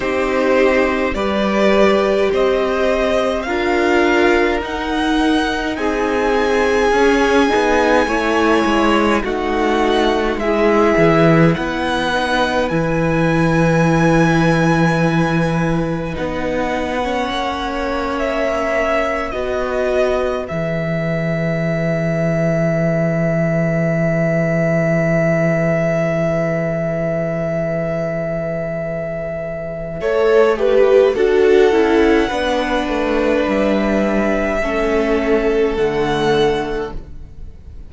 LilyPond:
<<
  \new Staff \with { instrumentName = "violin" } { \time 4/4 \tempo 4 = 52 c''4 d''4 dis''4 f''4 | fis''4 gis''2. | fis''4 e''4 fis''4 gis''4~ | gis''2 fis''4.~ fis''16 e''16~ |
e''8. dis''4 e''2~ e''16~ | e''1~ | e''2. fis''4~ | fis''4 e''2 fis''4 | }
  \new Staff \with { instrumentName = "violin" } { \time 4/4 g'4 b'4 c''4 ais'4~ | ais'4 gis'2 cis''4 | fis'4 gis'4 b'2~ | b'2~ b'8. cis''4~ cis''16~ |
cis''8. b'2.~ b'16~ | b'1~ | b'2 cis''8 b'8 a'4 | b'2 a'2 | }
  \new Staff \with { instrumentName = "viola" } { \time 4/4 dis'4 g'2 f'4 | dis'2 cis'8 dis'8 e'4 | dis'4 e'4. dis'8 e'4~ | e'2 dis'8. cis'4~ cis'16~ |
cis'8. fis'4 gis'2~ gis'16~ | gis'1~ | gis'2 a'8 g'8 fis'8 e'8 | d'2 cis'4 a4 | }
  \new Staff \with { instrumentName = "cello" } { \time 4/4 c'4 g4 c'4 d'4 | dis'4 c'4 cis'8 b8 a8 gis8 | a4 gis8 e8 b4 e4~ | e2 b4 ais4~ |
ais8. b4 e2~ e16~ | e1~ | e2 a4 d'8 cis'8 | b8 a8 g4 a4 d4 | }
>>